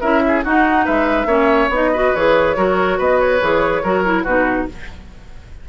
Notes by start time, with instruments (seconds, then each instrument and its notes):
0.00 bassoon C#4, clarinet E4, oboe A#4, flute E5
0.27 oboe G#4
0.44 bassoon D#4, clarinet D#4, oboe F#4, flute F#5
0.85 bassoon G#3, oboe B4, flute E5
1.25 bassoon A#3, clarinet C#4, oboe C#5
1.68 bassoon B3, clarinet D#4, flute D#5
1.92 clarinet F#4, oboe B4
2.15 bassoon E3, clarinet G#4, flute C#5
2.56 bassoon F#3, clarinet F#4, oboe A#4
2.97 bassoon B3, oboe B4, flute D#5
3.19 flute C#5
3.41 bassoon E3, clarinet G#4
3.82 bassoon F#3, clarinet F#4, oboe A#4
4.04 clarinet E4
4.23 bassoon B2, clarinet D#4, oboe F#4, flute B4